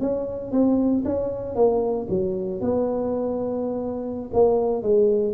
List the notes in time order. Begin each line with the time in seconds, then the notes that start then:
0.00 C#4
0.51 C4
1.05 C#4
1.55 A#3
2.09 F#3
2.61 B3
4.33 A#3
4.82 G#3